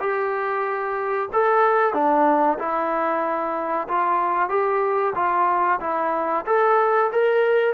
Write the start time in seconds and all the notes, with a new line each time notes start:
0.00 G4
1.33 A4
1.94 D4
2.59 E4
3.88 F4
4.50 G4
5.15 F4
5.81 E4
6.46 A4
7.12 A#4